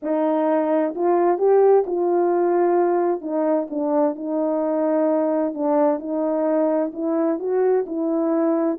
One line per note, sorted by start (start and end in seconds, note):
0.02 0.94 D#4
0.95 1.38 F4
1.38 1.84 G4
1.86 3.21 F4
3.21 3.67 D#4
3.69 4.15 D4
4.15 5.53 D#4
5.53 5.99 D4
5.99 6.91 D#4
6.93 7.39 E4
7.39 7.85 F#4
7.86 8.78 E4